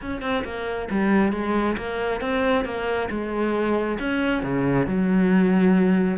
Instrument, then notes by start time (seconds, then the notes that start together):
cello
0.01 C#4
0.21 C4
0.44 A#3
0.90 G3
1.32 G#3
1.77 A#3
2.20 C4
2.64 A#3
3.10 G#3
3.99 C#4
4.42 C#3
4.86 F#3